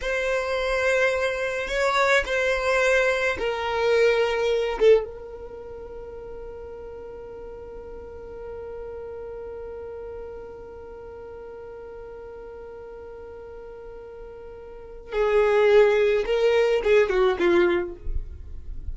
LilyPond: \new Staff \with { instrumentName = "violin" } { \time 4/4 \tempo 4 = 107 c''2. cis''4 | c''2 ais'2~ | ais'8 a'8 ais'2.~ | ais'1~ |
ais'1~ | ais'1~ | ais'2. gis'4~ | gis'4 ais'4 gis'8 fis'8 f'4 | }